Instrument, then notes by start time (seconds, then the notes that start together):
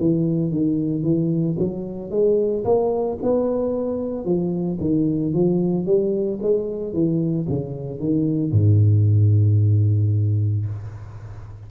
tuba
0.00 E3
0.52 D#3
1.03 E3
1.59 F#3
2.11 G#3
2.65 A#3
3.23 B3
4.26 F3
4.81 D#3
5.34 F3
5.86 G3
6.43 G#3
6.94 E3
7.49 C#3
8.00 D#3
8.52 G#2